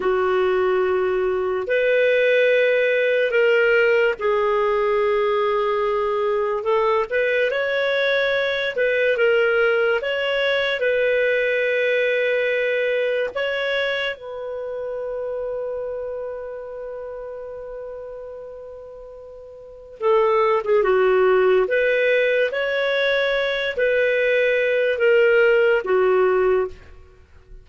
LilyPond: \new Staff \with { instrumentName = "clarinet" } { \time 4/4 \tempo 4 = 72 fis'2 b'2 | ais'4 gis'2. | a'8 b'8 cis''4. b'8 ais'4 | cis''4 b'2. |
cis''4 b'2.~ | b'1 | a'8. gis'16 fis'4 b'4 cis''4~ | cis''8 b'4. ais'4 fis'4 | }